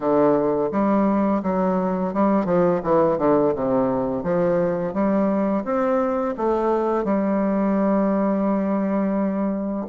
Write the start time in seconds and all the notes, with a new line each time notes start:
0.00 D3
0.71 G3
1.42 F#3
2.13 G3
2.45 F3
2.83 E3
3.18 D3
3.55 C3
4.23 F3
4.93 G3
5.64 C4
6.37 A3
7.04 G3